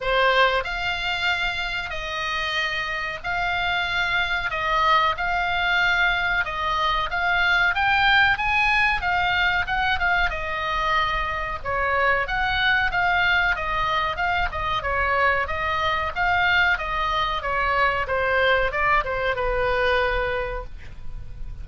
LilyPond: \new Staff \with { instrumentName = "oboe" } { \time 4/4 \tempo 4 = 93 c''4 f''2 dis''4~ | dis''4 f''2 dis''4 | f''2 dis''4 f''4 | g''4 gis''4 f''4 fis''8 f''8 |
dis''2 cis''4 fis''4 | f''4 dis''4 f''8 dis''8 cis''4 | dis''4 f''4 dis''4 cis''4 | c''4 d''8 c''8 b'2 | }